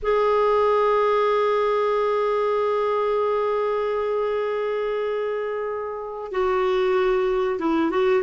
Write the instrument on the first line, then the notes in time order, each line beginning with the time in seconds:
clarinet
0.02 G#4
6.31 F#4
7.59 E4
7.91 F#4